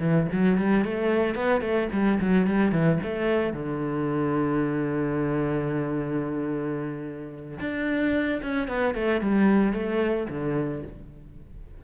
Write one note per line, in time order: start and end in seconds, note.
0.00 0.27 E3
0.32 0.58 F#3
0.58 0.85 G3
0.85 1.35 A3
1.35 1.61 B3
1.61 1.88 A3
1.92 2.19 G3
2.20 2.47 F#3
2.47 2.72 G3
2.72 2.99 E3
3.03 3.53 A3
3.53 7.59 D3
7.60 8.42 D4
8.42 8.68 C#4
8.68 8.95 B3
8.95 9.21 A3
9.21 9.73 G3
9.73 10.27 A3
10.30 10.84 D3